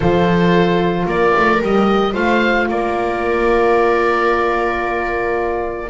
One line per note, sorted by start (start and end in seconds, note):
0.00 1.06 F3
0.00 1.59 F4
0.00 1.05 A4
0.00 1.07 C5
1.06 1.32 A#3
1.06 2.12 A#4
1.06 1.62 D5
1.37 1.61 A3
1.60 2.15 G3
1.60 2.13 G4
1.60 2.14 D#5
2.12 2.68 A3
2.12 5.88 F4
2.12 2.66 C5
2.12 2.68 F5
2.68 5.89 A#3
2.68 5.89 A#4
2.68 5.89 D5